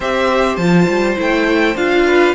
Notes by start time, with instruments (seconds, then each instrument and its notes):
0.00 cello C4, viola G4, violin C5 E5
0.56 cello F3, viola F4, violin A5
0.88 cello G3
1.16 cello A3, viola E4, violin G5
1.75 cello D4, viola F4, violin F5
2.05 violin B4